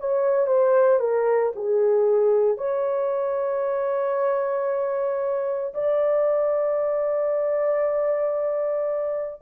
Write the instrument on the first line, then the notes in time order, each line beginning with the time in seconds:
horn
0.00 C#5
0.47 C5
1.00 A#4
1.56 G#4
2.58 C#5
5.74 D5